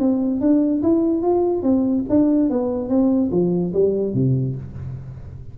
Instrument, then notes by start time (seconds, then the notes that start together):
tuba
0.00 C4
0.41 D4
0.83 E4
1.23 F4
1.63 C4
2.10 D4
2.50 B3
2.89 C4
3.32 F3
3.74 G3
4.14 C3